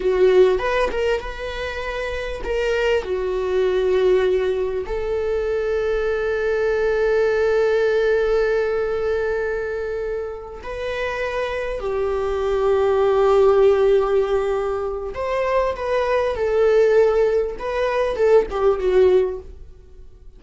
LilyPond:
\new Staff \with { instrumentName = "viola" } { \time 4/4 \tempo 4 = 99 fis'4 b'8 ais'8 b'2 | ais'4 fis'2. | a'1~ | a'1~ |
a'4. b'2 g'8~ | g'1~ | g'4 c''4 b'4 a'4~ | a'4 b'4 a'8 g'8 fis'4 | }